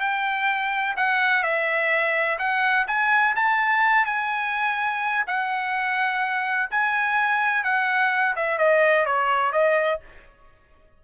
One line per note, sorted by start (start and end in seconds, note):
0.00 0.95 G5
0.96 1.43 F#5
1.43 2.38 E5
2.39 2.86 F#5
2.87 3.35 G#5
3.36 4.05 A5
4.05 5.24 G#5
5.27 6.70 F#5
6.70 7.63 G#5
7.63 8.35 F#5
8.35 8.58 E5
8.58 9.06 D#5
9.06 9.52 C#5
9.52 10.00 D#5